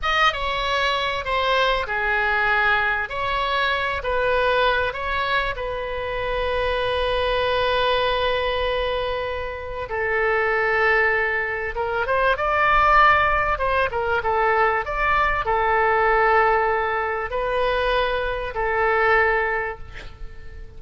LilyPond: \new Staff \with { instrumentName = "oboe" } { \time 4/4 \tempo 4 = 97 dis''8 cis''4. c''4 gis'4~ | gis'4 cis''4. b'4. | cis''4 b'2.~ | b'1 |
a'2. ais'8 c''8 | d''2 c''8 ais'8 a'4 | d''4 a'2. | b'2 a'2 | }